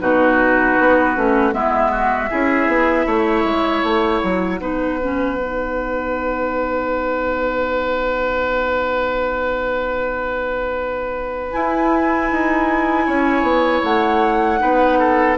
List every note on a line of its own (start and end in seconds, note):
0.00 0.77 B2
0.00 1.16 D#4
0.00 1.54 F#4
0.00 1.53 B4
0.78 1.16 B3
1.16 1.52 A3
1.16 1.52 C#4
1.52 2.29 G#3
1.52 2.29 B3
1.52 1.91 E4
1.52 3.82 E5
1.91 2.29 F#4
2.29 2.67 C#4
2.29 4.60 E4
2.29 3.06 G#4
2.67 3.05 B3
3.06 3.44 A3
3.06 4.60 C#5
3.44 3.83 G#3
3.82 4.21 A3
3.82 11.51 F#5
4.23 4.59 F#3
4.59 11.52 B3
4.59 4.98 D#4
4.59 13.06 B4
5.03 5.37 C#4
5.37 11.52 D#4
11.52 14.59 E4
11.52 12.31 E4
11.52 13.82 G#5
12.31 13.07 D#4
13.06 13.42 C#4
13.06 14.59 C#5
13.42 13.80 B3
13.83 14.60 A3
13.83 15.37 F#5
14.59 15.38 B3
14.59 15.36 D#4
14.59 14.99 B4
14.99 15.37 A4